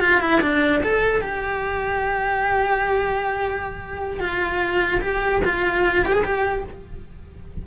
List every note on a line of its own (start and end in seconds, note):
0.00 0.20 F4
0.20 0.40 E4
0.41 0.81 D4
0.83 1.21 A4
1.21 4.20 G4
4.20 5.00 F4
5.01 5.41 G4
5.45 6.05 F4
6.05 6.13 G4
6.13 6.23 G#4
6.24 6.64 G4